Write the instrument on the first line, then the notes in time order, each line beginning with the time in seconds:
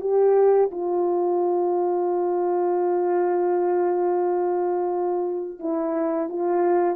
horn
0.00 G4
0.71 F4
5.59 E4
6.29 F4